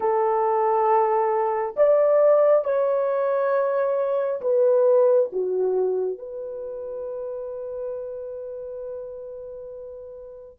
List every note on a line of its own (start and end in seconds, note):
0.00 1.75 A4
1.76 2.64 D5
2.64 4.40 C#5
4.41 5.29 B4
5.32 6.18 F#4
6.18 10.59 B4